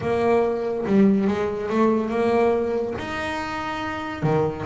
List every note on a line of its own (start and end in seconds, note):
0.00 0.85 A#3
0.85 1.27 G3
1.27 1.69 G#3
1.69 2.09 A3
2.09 2.94 A#3
2.98 4.23 D#4
4.23 4.65 D#3